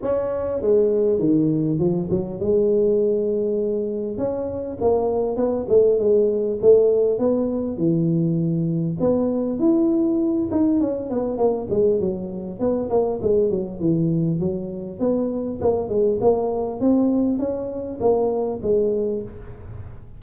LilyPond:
\new Staff \with { instrumentName = "tuba" } { \time 4/4 \tempo 4 = 100 cis'4 gis4 dis4 f8 fis8 | gis2. cis'4 | ais4 b8 a8 gis4 a4 | b4 e2 b4 |
e'4. dis'8 cis'8 b8 ais8 gis8 | fis4 b8 ais8 gis8 fis8 e4 | fis4 b4 ais8 gis8 ais4 | c'4 cis'4 ais4 gis4 | }